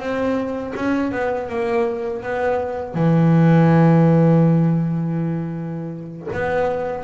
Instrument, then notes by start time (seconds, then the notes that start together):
double bass
0.00 C4
0.76 C#4
1.12 B3
1.49 A#3
2.23 B3
2.95 E3
6.33 B3